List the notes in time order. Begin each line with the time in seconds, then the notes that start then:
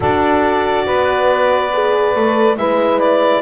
0.00 D4 F#4 A4 D5
0.85 B3 B4
1.73 G#4
2.15 A3 A4
2.56 G#3 E4 B4 E5
2.99 D5